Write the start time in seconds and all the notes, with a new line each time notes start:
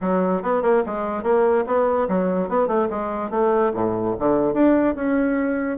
0.01 F#3
0.42 B3
0.62 A#3
0.85 G#3
1.23 A#3
1.66 B3
2.08 F#3
2.48 B3
2.67 A3
2.90 G#3
3.30 A3
3.74 A2
4.19 D3
4.53 D4
4.95 C#4